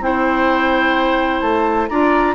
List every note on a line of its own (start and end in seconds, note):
0.00 1.41 C4
0.00 1.89 E4
0.00 1.90 C5
0.00 1.41 G5
1.41 1.88 A3
1.41 1.88 A5
1.88 2.35 D4
1.88 2.35 F4
1.88 2.35 D5
1.88 2.35 A#5